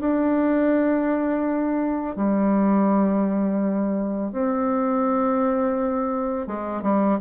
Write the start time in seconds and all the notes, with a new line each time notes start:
0.00 D4
2.16 G3
4.32 C4
6.47 G#3
6.82 G3